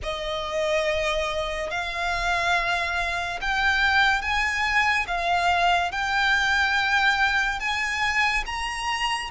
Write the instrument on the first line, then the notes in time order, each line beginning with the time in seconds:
violin
0.02 D#5
1.70 F5
3.41 G5
4.21 G#5
5.07 F5
5.91 G5
7.59 G#5
8.45 A#5